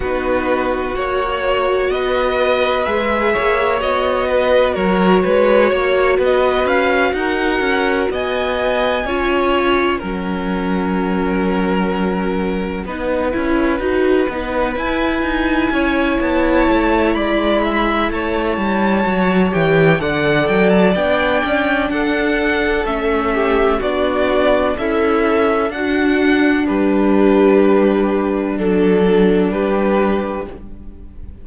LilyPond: <<
  \new Staff \with { instrumentName = "violin" } { \time 4/4 \tempo 4 = 63 b'4 cis''4 dis''4 e''4 | dis''4 cis''4. dis''8 f''8 fis''8~ | fis''8 gis''2 fis''4.~ | fis''2.~ fis''8 gis''8~ |
gis''4 a''4 b''4 a''4~ | a''8 g''8 fis''8 g''16 a''16 g''4 fis''4 | e''4 d''4 e''4 fis''4 | b'2 a'4 b'4 | }
  \new Staff \with { instrumentName = "violin" } { \time 4/4 fis'2 b'4. cis''8~ | cis''8 b'8 ais'8 b'8 cis''8 b'4 ais'8~ | ais'8 dis''4 cis''4 ais'4.~ | ais'4. b'2~ b'8~ |
b'8 cis''4. d''8 e''8 cis''4~ | cis''4 d''2 a'4~ | a'8 g'8 fis'4 e'4 d'4~ | d'2. g'4 | }
  \new Staff \with { instrumentName = "viola" } { \time 4/4 dis'4 fis'2 gis'4 | fis'1~ | fis'4. f'4 cis'4.~ | cis'4. dis'8 e'8 fis'8 dis'8 e'8~ |
e'1 | fis'8 g'8 a'4 d'2 | cis'4 d'4 a'4 fis'4 | g'2 d'2 | }
  \new Staff \with { instrumentName = "cello" } { \time 4/4 b4 ais4 b4 gis8 ais8 | b4 fis8 gis8 ais8 b8 cis'8 dis'8 | cis'8 b4 cis'4 fis4.~ | fis4. b8 cis'8 dis'8 b8 e'8 |
dis'8 cis'8 b8 a8 gis4 a8 g8 | fis8 e8 d8 fis8 b8 cis'8 d'4 | a4 b4 cis'4 d'4 | g2 fis4 g4 | }
>>